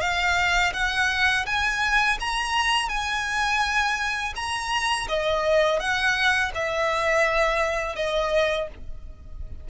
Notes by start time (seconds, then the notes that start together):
0.00 F5
0.73 F#5
1.46 G#5
2.20 A#5
2.89 G#5
4.35 A#5
5.08 D#5
5.79 F#5
6.54 E5
7.95 D#5